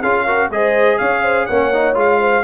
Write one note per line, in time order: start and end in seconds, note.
0.00 0.50 C#4
0.00 0.27 F4
0.00 0.24 G#4
0.00 0.50 F5
0.25 0.51 F#4
0.25 0.49 A#4
0.50 0.98 G#3
0.50 1.49 G#4
0.50 0.99 C5
0.50 0.98 D#5
0.98 1.48 C#4
0.98 1.23 C#5
0.98 1.46 F5
1.23 1.47 C5
1.46 1.95 A#3
1.46 1.73 C#4
1.46 2.19 C#5
1.46 1.94 F#5
1.73 1.94 D#4
1.94 2.43 G#3
1.94 2.43 F4
1.94 2.44 F5
2.19 2.44 C5